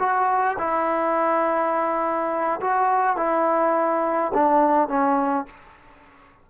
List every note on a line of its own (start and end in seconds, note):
0.00 0.58 F#4
0.59 2.61 E4
2.61 3.17 F#4
3.17 4.33 E4
4.34 4.89 D4
4.89 5.47 C#4